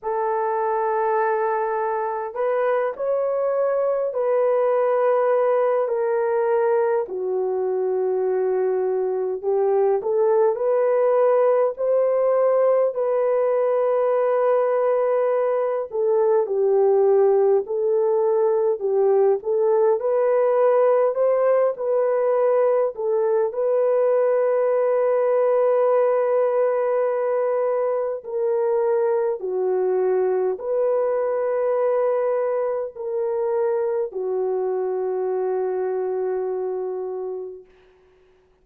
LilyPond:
\new Staff \with { instrumentName = "horn" } { \time 4/4 \tempo 4 = 51 a'2 b'8 cis''4 b'8~ | b'4 ais'4 fis'2 | g'8 a'8 b'4 c''4 b'4~ | b'4. a'8 g'4 a'4 |
g'8 a'8 b'4 c''8 b'4 a'8 | b'1 | ais'4 fis'4 b'2 | ais'4 fis'2. | }